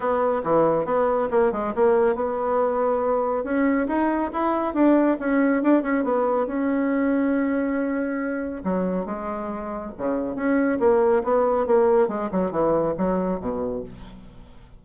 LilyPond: \new Staff \with { instrumentName = "bassoon" } { \time 4/4 \tempo 4 = 139 b4 e4 b4 ais8 gis8 | ais4 b2. | cis'4 dis'4 e'4 d'4 | cis'4 d'8 cis'8 b4 cis'4~ |
cis'1 | fis4 gis2 cis4 | cis'4 ais4 b4 ais4 | gis8 fis8 e4 fis4 b,4 | }